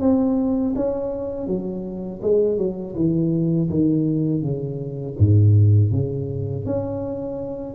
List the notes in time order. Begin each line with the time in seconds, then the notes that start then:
0.00 C4
0.75 C#4
1.47 F#3
2.22 G#3
2.58 F#3
2.95 E3
3.70 D#3
4.42 C#3
5.18 G#2
5.92 C#3
6.66 C#4